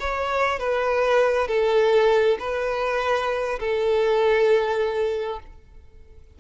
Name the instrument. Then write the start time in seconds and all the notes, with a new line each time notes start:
violin
0.00 C#5
0.60 B4
1.48 A4
2.40 B4
3.60 A4